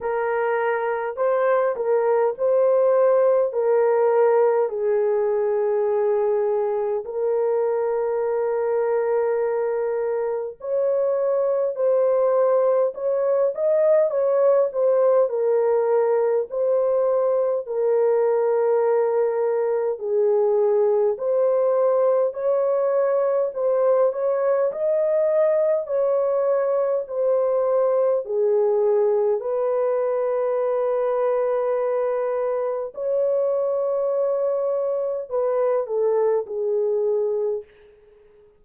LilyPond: \new Staff \with { instrumentName = "horn" } { \time 4/4 \tempo 4 = 51 ais'4 c''8 ais'8 c''4 ais'4 | gis'2 ais'2~ | ais'4 cis''4 c''4 cis''8 dis''8 | cis''8 c''8 ais'4 c''4 ais'4~ |
ais'4 gis'4 c''4 cis''4 | c''8 cis''8 dis''4 cis''4 c''4 | gis'4 b'2. | cis''2 b'8 a'8 gis'4 | }